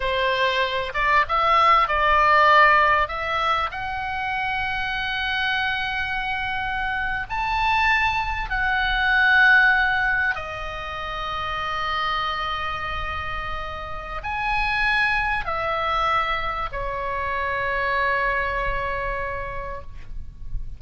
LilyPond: \new Staff \with { instrumentName = "oboe" } { \time 4/4 \tempo 4 = 97 c''4. d''8 e''4 d''4~ | d''4 e''4 fis''2~ | fis''2.~ fis''8. a''16~ | a''4.~ a''16 fis''2~ fis''16~ |
fis''8. dis''2.~ dis''16~ | dis''2. gis''4~ | gis''4 e''2 cis''4~ | cis''1 | }